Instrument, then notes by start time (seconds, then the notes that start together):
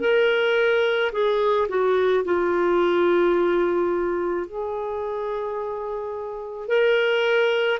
clarinet
0.00 A#4
1.12 G#4
1.68 F#4
2.24 F4
4.46 G#4
6.68 A#4